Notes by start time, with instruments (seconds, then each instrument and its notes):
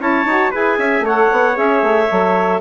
0.00 bassoon C#4, saxophone E4, trumpet C#5, clarinet A5
0.25 bassoon D#4, saxophone F#4
0.51 bassoon E4, saxophone G#4, trumpet B4, clarinet G#5
0.78 bassoon C#4, trumpet E5
1.00 bassoon A3, saxophone A4, trumpet C#5
1.07 clarinet F#5
1.32 bassoon B3
1.54 bassoon C#4, saxophone G#4, clarinet E5
1.82 bassoon A3
2.10 bassoon F#3, saxophone A4